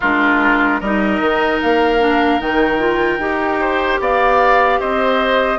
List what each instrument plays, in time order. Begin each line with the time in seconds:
0.00 bassoon G#3, clarinet D4, oboe F4, flute A#4
0.80 bassoon G3, clarinet D#4, oboe A#4, flute D#5
1.20 bassoon D#3
1.61 bassoon A#3, flute F5
1.99 clarinet D4
2.39 bassoon D#3, clarinet D#4, flute G5
2.79 clarinet F4
3.18 bassoon D#4, clarinet G4
3.60 oboe C5
4.00 bassoon B3, oboe D5, flute F5
4.80 bassoon C4, oboe C5, flute D#5